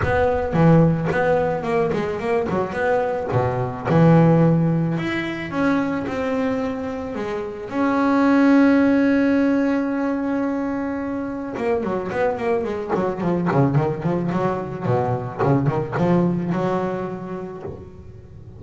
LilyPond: \new Staff \with { instrumentName = "double bass" } { \time 4/4 \tempo 4 = 109 b4 e4 b4 ais8 gis8 | ais8 fis8 b4 b,4 e4~ | e4 e'4 cis'4 c'4~ | c'4 gis4 cis'2~ |
cis'1~ | cis'4 ais8 fis8 b8 ais8 gis8 fis8 | f8 cis8 dis8 f8 fis4 b,4 | cis8 dis8 f4 fis2 | }